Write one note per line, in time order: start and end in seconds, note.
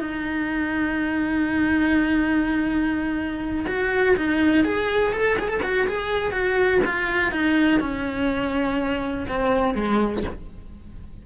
0.00 3.66 D#4
3.67 4.16 F#4
4.17 4.65 D#4
4.65 5.13 G#4
5.13 5.37 A4
5.39 5.48 G#4
5.48 5.61 A4
5.63 5.87 F#4
5.88 6.32 G#4
6.32 6.81 F#4
6.85 7.31 F4
7.31 7.80 D#4
7.80 9.27 C#4
9.28 9.74 C4
9.74 10.23 G#3